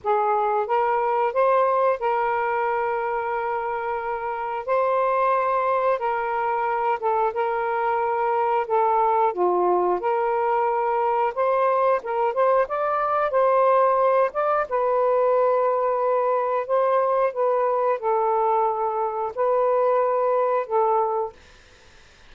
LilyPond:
\new Staff \with { instrumentName = "saxophone" } { \time 4/4 \tempo 4 = 90 gis'4 ais'4 c''4 ais'4~ | ais'2. c''4~ | c''4 ais'4. a'8 ais'4~ | ais'4 a'4 f'4 ais'4~ |
ais'4 c''4 ais'8 c''8 d''4 | c''4. d''8 b'2~ | b'4 c''4 b'4 a'4~ | a'4 b'2 a'4 | }